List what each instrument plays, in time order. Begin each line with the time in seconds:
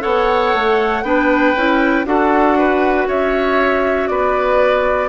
0.00 bassoon B3, clarinet A4, oboe C#5, flute F#5
0.54 bassoon A3
1.03 bassoon B3, clarinet D4, oboe B4, flute G5
1.56 bassoon C#4, clarinet E4
2.05 bassoon D4, clarinet F#4, oboe A4, flute F#5
2.58 oboe B4
3.07 bassoon C#4, oboe C#5, flute E5
4.07 bassoon B3, oboe B4, flute D5